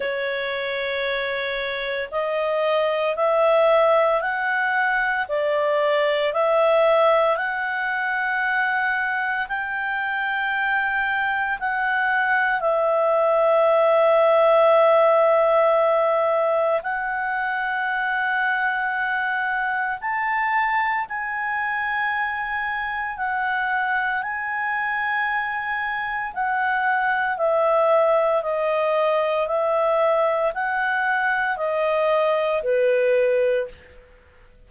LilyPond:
\new Staff \with { instrumentName = "clarinet" } { \time 4/4 \tempo 4 = 57 cis''2 dis''4 e''4 | fis''4 d''4 e''4 fis''4~ | fis''4 g''2 fis''4 | e''1 |
fis''2. a''4 | gis''2 fis''4 gis''4~ | gis''4 fis''4 e''4 dis''4 | e''4 fis''4 dis''4 b'4 | }